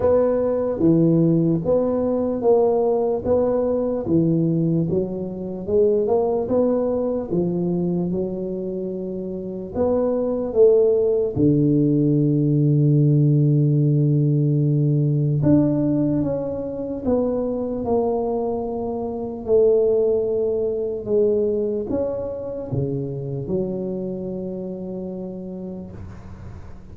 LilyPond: \new Staff \with { instrumentName = "tuba" } { \time 4/4 \tempo 4 = 74 b4 e4 b4 ais4 | b4 e4 fis4 gis8 ais8 | b4 f4 fis2 | b4 a4 d2~ |
d2. d'4 | cis'4 b4 ais2 | a2 gis4 cis'4 | cis4 fis2. | }